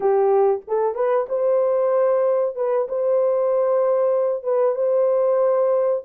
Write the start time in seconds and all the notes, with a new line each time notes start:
0.00 G4
0.67 A4
0.94 B4
1.29 C5
2.55 B4
2.88 C5
4.43 B4
4.75 C5